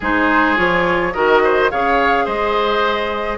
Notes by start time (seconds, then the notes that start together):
0.00 G#3 D#4 G#4 C5
0.56 F3 F4 C#5
1.13 D#3 F#4 A#4 D#5
1.43 C5
1.70 C#3 G#4 C#5 F5
2.25 G#3 C5 D#5